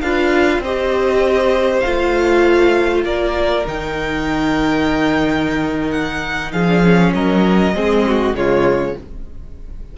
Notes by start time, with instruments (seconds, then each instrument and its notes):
0.00 cello D4, viola F4, violin B4 F5
0.58 cello C4, violin C5 D#5
0.64 viola G4
1.80 viola F4, violin F5
1.86 cello A3
3.04 cello A#3, violin A#4 D5
3.65 cello D#3, viola D#4, violin G5
5.91 violin F#5
6.52 cello F3, violin G#4 F5
6.68 viola D4
6.83 viola C#4
7.14 cello F#3, violin A#4 D#5
7.74 cello G#3, viola C4, violin G#4
8.07 violin F#4
8.33 cello C#3, viola G#3, violin F4 C#5